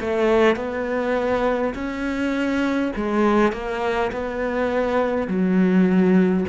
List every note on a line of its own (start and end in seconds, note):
0.00 0.56 A3
0.56 1.74 B3
1.75 2.93 C#4
2.97 3.53 G#3
3.53 4.12 A#3
4.12 5.28 B3
5.28 6.45 F#3